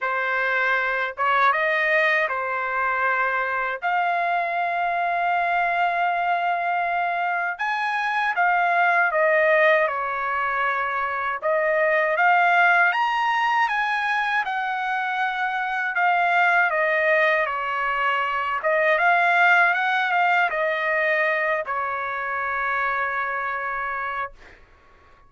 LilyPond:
\new Staff \with { instrumentName = "trumpet" } { \time 4/4 \tempo 4 = 79 c''4. cis''8 dis''4 c''4~ | c''4 f''2.~ | f''2 gis''4 f''4 | dis''4 cis''2 dis''4 |
f''4 ais''4 gis''4 fis''4~ | fis''4 f''4 dis''4 cis''4~ | cis''8 dis''8 f''4 fis''8 f''8 dis''4~ | dis''8 cis''2.~ cis''8 | }